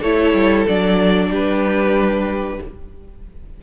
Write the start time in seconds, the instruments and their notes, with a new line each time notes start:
0.00 cello A3, viola E4, violin A4 C#5
0.34 cello G3
0.68 cello F#3, viola D4, violin D5
1.30 cello G3, violin G4 B4